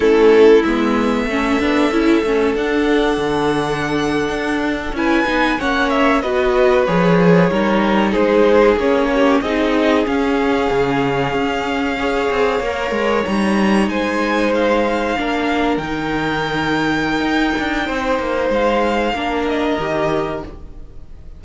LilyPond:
<<
  \new Staff \with { instrumentName = "violin" } { \time 4/4 \tempo 4 = 94 a'4 e''2. | fis''2.~ fis''8. gis''16~ | gis''8. fis''8 e''8 dis''4 cis''4~ cis''16~ | cis''8. c''4 cis''4 dis''4 f''16~ |
f''1~ | f''8. ais''4 gis''4 f''4~ f''16~ | f''8. g''2.~ g''16~ | g''4 f''4. dis''4. | }
  \new Staff \with { instrumentName = "violin" } { \time 4/4 e'2 a'2~ | a'2.~ a'8. b'16~ | b'8. cis''4 b'2 ais'16~ | ais'8. gis'4. g'8 gis'4~ gis'16~ |
gis'2~ gis'8. cis''4~ cis''16~ | cis''4.~ cis''16 c''2 ais'16~ | ais'1 | c''2 ais'2 | }
  \new Staff \with { instrumentName = "viola" } { \time 4/4 cis'4 b4 cis'8 d'8 e'8 cis'8 | d'2.~ d'8. e'16~ | e'16 dis'8 cis'4 fis'4 gis'4 dis'16~ | dis'4.~ dis'16 cis'4 dis'4 cis'16~ |
cis'2~ cis'8. gis'4 ais'16~ | ais'8. dis'2. d'16~ | d'8. dis'2.~ dis'16~ | dis'2 d'4 g'4 | }
  \new Staff \with { instrumentName = "cello" } { \time 4/4 a4 gis4 a8 b8 cis'8 a8 | d'4 d4.~ d16 d'4 cis'16~ | cis'16 b8 ais4 b4 f4 g16~ | g8. gis4 ais4 c'4 cis'16~ |
cis'8. cis4 cis'4. c'8 ais16~ | ais16 gis8 g4 gis2 ais16~ | ais8. dis2~ dis16 dis'8 d'8 | c'8 ais8 gis4 ais4 dis4 | }
>>